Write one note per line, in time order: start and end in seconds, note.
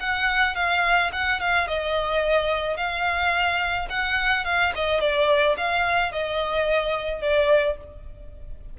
0.00 0.56 F#5
0.56 1.11 F5
1.13 1.40 F#5
1.40 1.68 F5
1.68 2.77 D#5
2.77 3.88 F5
3.90 4.45 F#5
4.45 4.73 F5
4.76 5.01 D#5
5.01 5.56 D5
5.58 6.12 F5
6.12 7.22 D#5
7.22 7.77 D5